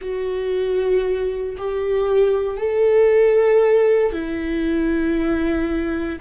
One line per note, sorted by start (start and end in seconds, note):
0.01 1.56 F#4
1.57 2.57 G4
2.57 4.12 A4
4.12 6.19 E4